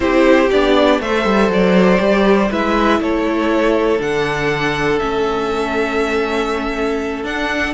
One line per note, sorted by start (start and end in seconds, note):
0.00 0.49 C4
0.00 0.49 E4
0.00 1.01 G4
0.00 0.49 C5
0.50 1.00 B3
0.50 1.02 D4
0.50 1.00 D5
1.00 1.24 A3
1.00 1.97 A4
1.00 2.51 C5
1.00 1.51 E5
1.24 1.48 G3
1.48 1.98 F#3
1.48 2.52 D5
1.97 2.50 G3
1.97 2.47 G4
2.50 3.00 G#3
2.50 3.98 E4
2.50 3.01 B4
2.50 3.02 E5
3.00 4.00 A3
3.00 7.73 A4
3.00 4.01 C#5
3.98 5.00 D3
3.98 4.98 D4
3.98 4.99 F#5
4.99 7.24 A3
4.99 7.24 C#4
4.99 7.24 E5
7.24 7.73 D4
7.24 7.73 F#5